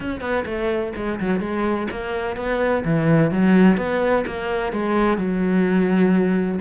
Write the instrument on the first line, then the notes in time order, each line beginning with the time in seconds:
cello
0.00 C#4
0.20 B3
0.45 A3
0.96 G#3
1.20 F#3
1.40 G#3
1.90 A#3
2.36 B3
2.85 E3
3.31 F#3
3.77 B3
4.26 A#3
4.72 G#3
5.17 F#3